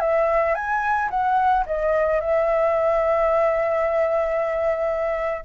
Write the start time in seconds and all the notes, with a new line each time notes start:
0.00 E5
0.55 G#5
1.10 F#5
1.66 D#5
2.20 E5